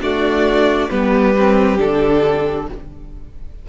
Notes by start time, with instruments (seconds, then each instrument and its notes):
0.00 viola A3, cello D4, violin F#4 D5
0.90 cello G3, viola B3, violin G4 B4
1.38 viola C4
1.78 cello D3, viola D4, violin A4